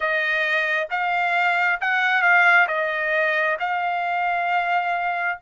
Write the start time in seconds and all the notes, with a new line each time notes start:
0.00 D#5
0.90 F5
1.80 F#5
2.21 F5
2.67 D#5
3.59 F5